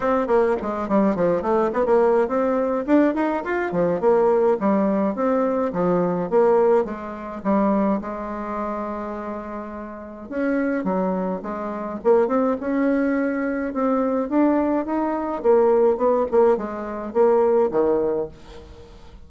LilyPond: \new Staff \with { instrumentName = "bassoon" } { \time 4/4 \tempo 4 = 105 c'8 ais8 gis8 g8 f8 a8 b16 ais8. | c'4 d'8 dis'8 f'8 f8 ais4 | g4 c'4 f4 ais4 | gis4 g4 gis2~ |
gis2 cis'4 fis4 | gis4 ais8 c'8 cis'2 | c'4 d'4 dis'4 ais4 | b8 ais8 gis4 ais4 dis4 | }